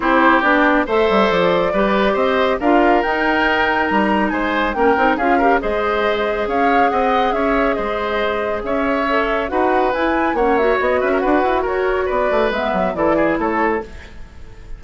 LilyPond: <<
  \new Staff \with { instrumentName = "flute" } { \time 4/4 \tempo 4 = 139 c''4 d''4 e''4 d''4~ | d''4 dis''4 f''4 g''4~ | g''4 ais''4 gis''4 g''4 | f''4 dis''2 f''4 |
fis''4 e''4 dis''2 | e''2 fis''4 gis''4 | fis''8 e''8 dis''8 e''8 fis''4 cis''4 | d''4 e''4 d''4 cis''4 | }
  \new Staff \with { instrumentName = "oboe" } { \time 4/4 g'2 c''2 | b'4 c''4 ais'2~ | ais'2 c''4 ais'4 | gis'8 ais'8 c''2 cis''4 |
dis''4 cis''4 c''2 | cis''2 b'2 | cis''4. b'16 ais'16 b'4 ais'4 | b'2 a'8 gis'8 a'4 | }
  \new Staff \with { instrumentName = "clarinet" } { \time 4/4 e'4 d'4 a'2 | g'2 f'4 dis'4~ | dis'2. cis'8 dis'8 | f'8 g'8 gis'2.~ |
gis'1~ | gis'4 a'4 fis'4 e'4 | cis'8 fis'2.~ fis'8~ | fis'4 b4 e'2 | }
  \new Staff \with { instrumentName = "bassoon" } { \time 4/4 c'4 b4 a8 g8 f4 | g4 c'4 d'4 dis'4~ | dis'4 g4 gis4 ais8 c'8 | cis'4 gis2 cis'4 |
c'4 cis'4 gis2 | cis'2 dis'4 e'4 | ais4 b8 cis'8 d'8 e'8 fis'4 | b8 a8 gis8 fis8 e4 a4 | }
>>